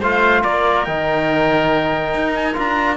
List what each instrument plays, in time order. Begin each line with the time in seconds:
0.00 cello A3, trombone F4, oboe C5, trumpet F5
0.42 cello A#3, oboe A#4, trumpet D5
0.85 cello D#3, trombone D#4, trumpet G5
2.14 cello D#4
2.34 trumpet G#5
2.54 cello D4, trombone F4, trumpet A#5